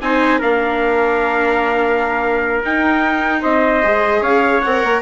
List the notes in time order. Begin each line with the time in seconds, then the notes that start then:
0.00 C4 D#4 C5 G#5
0.39 A#3 D4 A#4 F5
2.63 D#4 G5
3.41 C4 C5 D#5
3.82 G#3 G#4
4.21 C#4 C#5 F5
4.61 C4 A#4 F#5
4.83 A#3